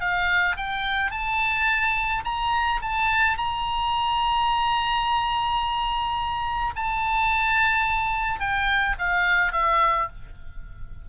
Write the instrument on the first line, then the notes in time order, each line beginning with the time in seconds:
oboe
0.00 F5
0.57 G5
1.11 A5
2.25 A#5
2.82 A5
3.37 A#5
6.75 A5
8.40 G5
8.98 F5
9.52 E5